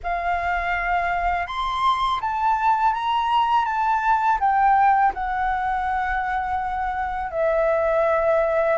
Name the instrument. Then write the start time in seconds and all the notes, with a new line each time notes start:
flute
0.03 F5
1.46 C6
2.20 A5
2.93 A#5
3.65 A5
4.39 G5
5.14 F#5
7.31 E5